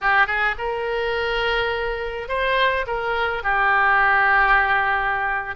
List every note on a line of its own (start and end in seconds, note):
0.01 0.26 G4
0.26 0.55 G#4
0.58 2.28 A#4
2.28 2.85 C5
2.86 3.43 A#4
3.43 5.55 G4